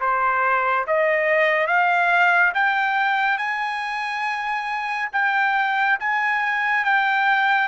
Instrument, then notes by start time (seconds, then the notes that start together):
trumpet
0.00 C5
0.86 D#5
1.67 F5
2.54 G5
3.37 G#5
5.12 G5
6.00 G#5
6.84 G5